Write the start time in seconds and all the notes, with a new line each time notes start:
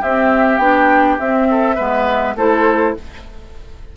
0.00 C4 G4 E5
0.57 B3 D4 G5
1.19 C4 E5
1.50 A4
1.75 G#3 B3 B4
2.34 A3 E4 A4 C5